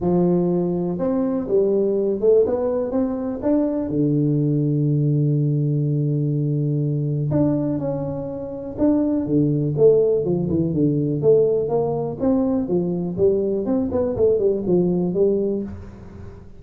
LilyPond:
\new Staff \with { instrumentName = "tuba" } { \time 4/4 \tempo 4 = 123 f2 c'4 g4~ | g8 a8 b4 c'4 d'4 | d1~ | d2. d'4 |
cis'2 d'4 d4 | a4 f8 e8 d4 a4 | ais4 c'4 f4 g4 | c'8 b8 a8 g8 f4 g4 | }